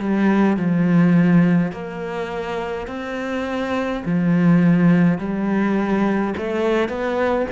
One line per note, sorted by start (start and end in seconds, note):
0.00 0.57 G3
0.57 1.73 F3
1.73 2.87 A#3
2.87 4.03 C4
4.05 5.19 F3
5.19 6.34 G3
6.38 6.89 A3
6.89 7.47 B3